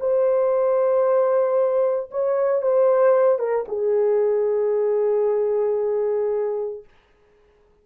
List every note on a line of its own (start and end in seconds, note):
0.00 2.11 C5
2.11 2.62 C#5
2.62 3.39 C5
3.39 3.65 A#4
3.68 6.84 G#4